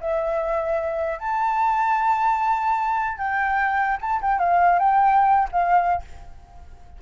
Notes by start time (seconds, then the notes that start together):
0.00 E5
1.19 A5
3.18 G5
4.01 A5
4.21 G5
4.39 F5
4.79 G5
5.51 F5